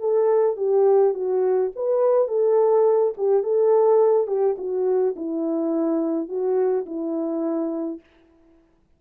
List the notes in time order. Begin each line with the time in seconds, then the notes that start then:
0.00 A4
0.57 G4
1.14 F#4
1.76 B4
2.28 A4
3.17 G4
3.43 A4
4.28 G4
4.58 F#4
5.16 E4
6.29 F#4
6.86 E4